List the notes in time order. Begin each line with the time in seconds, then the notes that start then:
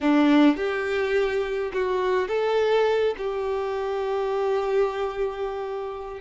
0.00 D4
0.56 G4
1.73 F#4
2.28 A4
3.17 G4